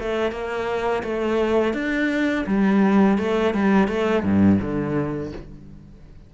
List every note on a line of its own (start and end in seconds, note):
0.00 0.31 A3
0.31 1.03 A#3
1.04 1.74 A3
1.74 2.45 D4
2.46 3.18 G3
3.18 3.54 A3
3.54 3.88 G3
3.88 4.24 A3
4.24 4.59 G2
4.61 5.32 D3